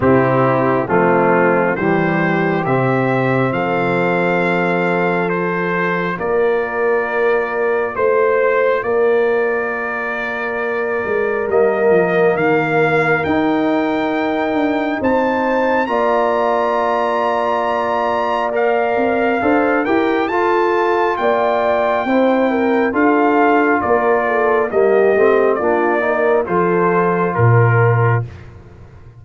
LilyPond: <<
  \new Staff \with { instrumentName = "trumpet" } { \time 4/4 \tempo 4 = 68 g'4 f'4 c''4 e''4 | f''2 c''4 d''4~ | d''4 c''4 d''2~ | d''4 dis''4 f''4 g''4~ |
g''4 a''4 ais''2~ | ais''4 f''4. g''8 a''4 | g''2 f''4 d''4 | dis''4 d''4 c''4 ais'4 | }
  \new Staff \with { instrumentName = "horn" } { \time 4/4 e'4 c'4 g'2 | a'2. ais'4~ | ais'4 c''4 ais'2~ | ais'1~ |
ais'4 c''4 d''2~ | d''2 c''8 ais'8 a'4 | d''4 c''8 ais'8 a'4 ais'8 a'8 | g'4 f'8 ais'8 a'4 ais'4 | }
  \new Staff \with { instrumentName = "trombone" } { \time 4/4 c'4 a4 g4 c'4~ | c'2 f'2~ | f'1~ | f'4 ais2 dis'4~ |
dis'2 f'2~ | f'4 ais'4 a'8 g'8 f'4~ | f'4 e'4 f'2 | ais8 c'8 d'8 dis'8 f'2 | }
  \new Staff \with { instrumentName = "tuba" } { \time 4/4 c4 f4 e4 c4 | f2. ais4~ | ais4 a4 ais2~ | ais8 gis8 g8 f8 dis4 dis'4~ |
dis'8 d'8 c'4 ais2~ | ais4. c'8 d'8 e'8 f'4 | ais4 c'4 d'4 ais4 | g8 a8 ais4 f4 ais,4 | }
>>